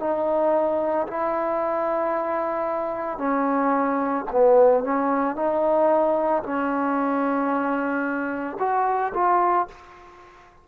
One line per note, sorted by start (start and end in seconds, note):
0.00 1.07 D#4
1.08 3.18 E4
3.18 4.25 C#4
4.32 4.84 B3
4.84 5.36 C#4
5.36 6.43 D#4
6.43 8.58 C#4
8.60 9.13 F#4
9.15 9.68 F4